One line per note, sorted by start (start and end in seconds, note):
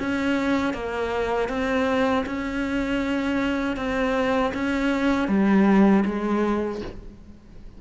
0.00 0.74 C#4
0.74 1.49 A#3
1.49 2.25 C4
2.26 3.77 C#4
3.77 4.53 C4
4.55 5.29 C#4
5.29 6.04 G3
6.06 6.81 G#3